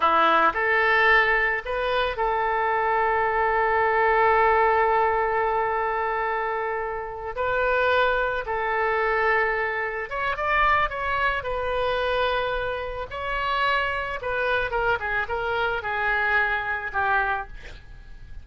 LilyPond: \new Staff \with { instrumentName = "oboe" } { \time 4/4 \tempo 4 = 110 e'4 a'2 b'4 | a'1~ | a'1~ | a'4. b'2 a'8~ |
a'2~ a'8 cis''8 d''4 | cis''4 b'2. | cis''2 b'4 ais'8 gis'8 | ais'4 gis'2 g'4 | }